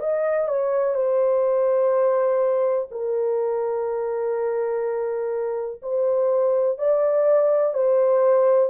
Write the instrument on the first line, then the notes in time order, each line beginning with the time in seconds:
horn
0.00 D#5
0.48 C#5
0.95 C5
2.91 A#4
5.82 C5
6.78 D5
7.74 C5